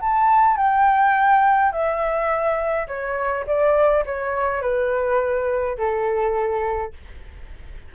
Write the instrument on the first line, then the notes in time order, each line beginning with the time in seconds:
flute
0.00 A5
0.57 G5
1.72 E5
2.87 C#5
3.47 D5
4.05 C#5
4.62 B4
5.77 A4